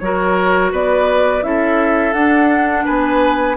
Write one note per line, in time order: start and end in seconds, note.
0.00 0.72 F#3
0.00 1.42 F#4
0.00 0.72 A#4
0.00 0.71 C#5
0.72 1.43 B3
0.72 1.44 B4
0.72 1.44 D5
1.42 2.14 C#4
1.42 2.14 E4
1.42 2.85 A4
1.42 2.14 E5
2.14 2.85 D4
2.14 3.57 D4
2.14 2.85 F#5
2.85 3.57 B3
2.85 3.57 B4
2.85 3.57 G#5